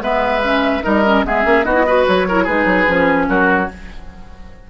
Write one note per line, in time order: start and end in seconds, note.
0.00 0.82 G#3
0.00 0.42 B3
0.00 0.84 B4
0.00 0.84 E5
0.44 0.83 C#4
0.83 1.25 G3
0.83 1.03 D#4
0.83 1.25 A#4
0.83 1.25 D#5
1.06 1.25 C#4
1.25 1.45 G#3
1.25 1.43 B3
1.25 1.66 G#4
1.25 1.64 E5
1.43 1.65 A#3
1.43 1.63 C#4
1.64 2.06 B3
1.64 1.75 D#4
1.64 1.86 F#4
1.64 2.05 D#5
1.75 1.85 E4
1.87 2.28 F#4
1.87 2.28 B4
2.08 2.48 F#3
2.08 2.46 C#5
2.28 2.48 E4
2.28 2.44 A#4
2.44 2.65 G#3
2.44 2.87 D#4
2.44 3.26 G#4
2.44 3.28 B4
2.65 2.86 F#3
2.87 3.29 F3
2.87 3.69 C#4
3.28 3.70 F#3
3.28 3.71 F#4
3.28 3.69 A#4